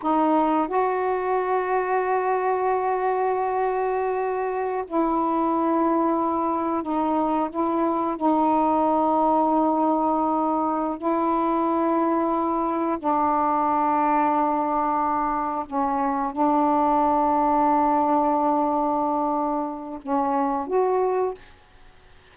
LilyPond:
\new Staff \with { instrumentName = "saxophone" } { \time 4/4 \tempo 4 = 90 dis'4 fis'2.~ | fis'2.~ fis'16 e'8.~ | e'2~ e'16 dis'4 e'8.~ | e'16 dis'2.~ dis'8.~ |
dis'8 e'2. d'8~ | d'2.~ d'8 cis'8~ | cis'8 d'2.~ d'8~ | d'2 cis'4 fis'4 | }